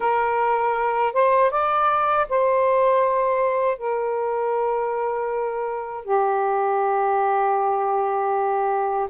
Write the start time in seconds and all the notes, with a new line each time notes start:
0.00 A#4
1.13 C5
1.51 D5
2.29 C5
3.78 A#4
6.04 G4